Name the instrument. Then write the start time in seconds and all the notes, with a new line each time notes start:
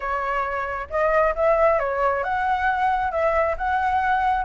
flute
0.00 C#5
0.90 D#5
1.35 E5
1.79 C#5
2.23 F#5
3.11 E5
3.57 F#5